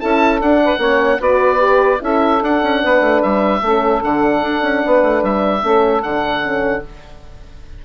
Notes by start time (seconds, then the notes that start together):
0.00 C#4 E4 A4 A5
0.39 D4 F#5
0.64 B4
0.78 A#3 C#4 C#5
1.19 B3 F#4 B4 D5
1.58 G4
2.00 C#4 E4 A4 E5
2.42 D4 F#5
2.62 C#4
2.82 B3 B4
3.01 A3
3.23 G3 E5
3.62 A3 C#4 A4
4.02 D3 D4 F#5
4.42 D4
4.62 C#4
4.85 B3 B4
5.02 A3
5.23 G3 E5
5.62 A3 C#4 A4
6.02 D3 D4 F#5
6.43 C#4